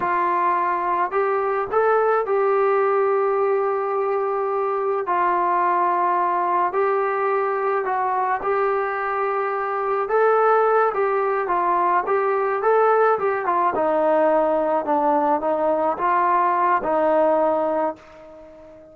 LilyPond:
\new Staff \with { instrumentName = "trombone" } { \time 4/4 \tempo 4 = 107 f'2 g'4 a'4 | g'1~ | g'4 f'2. | g'2 fis'4 g'4~ |
g'2 a'4. g'8~ | g'8 f'4 g'4 a'4 g'8 | f'8 dis'2 d'4 dis'8~ | dis'8 f'4. dis'2 | }